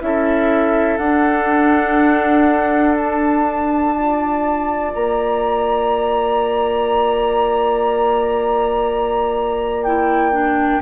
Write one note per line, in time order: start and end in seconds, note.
0.00 0.98 C#4
0.00 0.98 E4
0.00 3.94 A4
0.00 0.97 E5
0.97 4.91 D4
0.97 3.95 D4
0.97 2.94 F#5
2.96 4.93 A5
3.94 9.85 F4
3.94 10.82 D5
4.93 10.82 A#3
4.93 9.83 A#5
9.83 10.32 E4
9.83 10.82 G5
10.32 10.81 D4